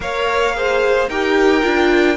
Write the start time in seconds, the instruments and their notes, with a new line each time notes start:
0.00 cello A#3, viola A#4, violin C#5 F5
0.54 viola G#4, violin C5
1.08 cello D#4, viola G4, violin A#4 G5
1.62 cello D4, viola F4